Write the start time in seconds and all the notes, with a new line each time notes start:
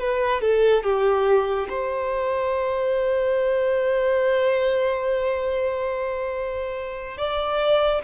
0.00 B4
0.41 A4
0.84 G4
1.70 C5
7.18 D5